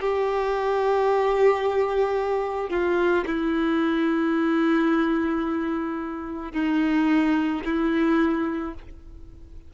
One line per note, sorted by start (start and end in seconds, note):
0.00 2.69 G4
2.69 3.24 F4
3.26 6.53 E4
6.53 7.62 D#4
7.65 8.74 E4